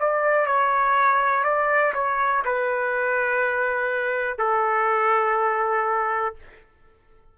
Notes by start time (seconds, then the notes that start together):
0.00 D5
0.46 C#5
1.44 D5
1.94 C#5
2.45 B4
4.38 A4